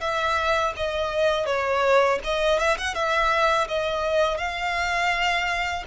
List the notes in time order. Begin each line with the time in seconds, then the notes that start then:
0.00 E5
0.76 D#5
1.46 C#5
2.24 D#5
2.58 E5
2.77 F#5
2.94 E5
3.68 D#5
4.37 F5